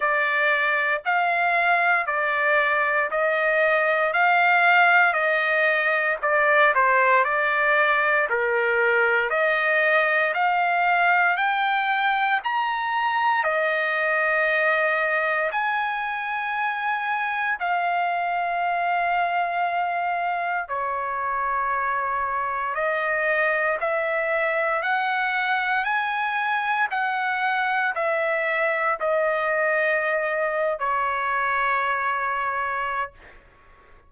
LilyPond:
\new Staff \with { instrumentName = "trumpet" } { \time 4/4 \tempo 4 = 58 d''4 f''4 d''4 dis''4 | f''4 dis''4 d''8 c''8 d''4 | ais'4 dis''4 f''4 g''4 | ais''4 dis''2 gis''4~ |
gis''4 f''2. | cis''2 dis''4 e''4 | fis''4 gis''4 fis''4 e''4 | dis''4.~ dis''16 cis''2~ cis''16 | }